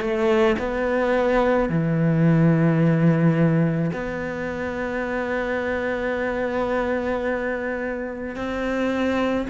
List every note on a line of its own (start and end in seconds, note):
0.00 0.56 A3
0.58 1.69 B3
1.69 3.91 E3
3.92 8.35 B3
8.35 9.46 C4